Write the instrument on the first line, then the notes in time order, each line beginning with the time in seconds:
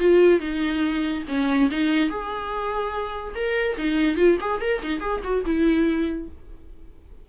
viola
0.00 F4
0.41 D#4
1.29 C#4
1.71 D#4
2.10 G#4
3.36 A#4
3.78 D#4
4.17 F4
4.41 G#4
4.62 A#4
4.83 D#4
5.01 G#4
5.24 F#4
5.46 E4